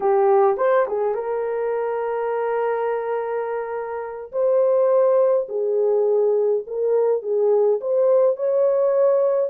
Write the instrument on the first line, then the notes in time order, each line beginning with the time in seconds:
horn
0.00 G4
0.57 C5
0.87 G#4
1.14 A#4
4.32 C5
5.48 G#4
6.66 A#4
7.22 G#4
7.80 C5
8.36 C#5